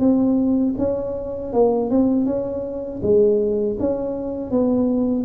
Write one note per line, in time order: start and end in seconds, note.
0.00 0.75 C4
0.78 1.53 C#4
1.53 1.91 A#3
1.91 2.26 C4
2.26 3.01 C#4
3.03 3.78 G#3
3.80 4.51 C#4
4.51 5.25 B3